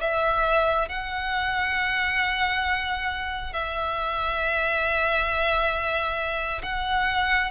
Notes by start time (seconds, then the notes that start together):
0.00 E5
0.89 F#5
3.53 E5
6.63 F#5